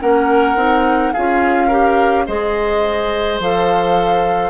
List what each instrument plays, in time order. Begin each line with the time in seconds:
0.00 bassoon A#3, clarinet C#4, oboe A#4, flute F#5
0.55 bassoon C4, clarinet D#4
1.12 bassoon C#4, clarinet F4, oboe G#4, flute F5
1.67 clarinet G4, oboe A#4
2.26 bassoon G#3, clarinet G#4, oboe C5, flute D#5
3.39 bassoon F3, clarinet A4, flute F5